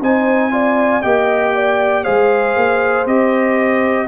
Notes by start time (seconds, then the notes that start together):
0.00 C4 D#4 C5 G#5
0.51 F4 D5
1.02 A#3 G4 D#5 G5
1.54 D5
2.04 G#3 G#4 C5 F5
2.56 A#3
3.06 C4 G4 D#5